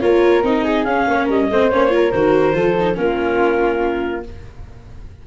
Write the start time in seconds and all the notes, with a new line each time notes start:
0.00 A#3 F4 A#4 C#5
0.43 C4 D#4 D#5
0.63 G#4
0.84 C#4 F5
1.07 A#3 C#5
1.25 G3 A#4 D#5
1.50 A3 C4 C5
1.70 A#3 C#4 C#5
1.89 F4 A#4
2.11 D#3 F#4 C5
2.53 F3 F4 A4
2.80 D#4
2.93 A#3 C#4 A#4
3.00 F4